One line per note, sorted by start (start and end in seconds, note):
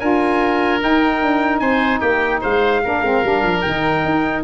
0.00 0.82 D4
0.00 0.80 F4
0.00 1.62 A#4
0.00 0.81 G#5
0.80 2.82 D#4
0.80 1.22 D#4
0.80 1.59 G5
1.22 1.61 D4
1.59 2.01 C4
1.59 2.00 C5
1.59 2.00 G#5
2.00 2.42 A#3
2.00 2.41 G4
2.00 2.41 G5
2.41 2.85 G#3
2.41 2.82 C5
2.41 3.62 F5
2.84 3.02 A#3
2.84 3.04 D4
2.84 4.44 A#4
3.02 3.22 G#3
3.02 3.24 C4
3.24 3.43 G3
3.24 3.65 D4
3.43 3.63 F3
3.62 4.05 D#3
3.62 4.44 D#4
3.62 4.43 G5
4.05 4.44 D#4